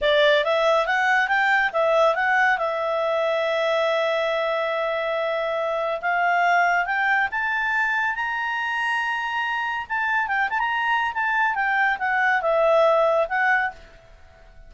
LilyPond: \new Staff \with { instrumentName = "clarinet" } { \time 4/4 \tempo 4 = 140 d''4 e''4 fis''4 g''4 | e''4 fis''4 e''2~ | e''1~ | e''2 f''2 |
g''4 a''2 ais''4~ | ais''2. a''4 | g''8 a''16 ais''4~ ais''16 a''4 g''4 | fis''4 e''2 fis''4 | }